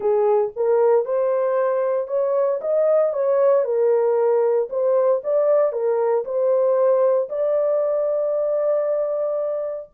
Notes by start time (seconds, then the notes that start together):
0.00 G#4
0.56 A#4
1.05 C5
2.07 C#5
2.61 D#5
3.13 C#5
3.64 A#4
4.69 C5
5.23 D5
5.72 A#4
6.24 C5
7.29 D5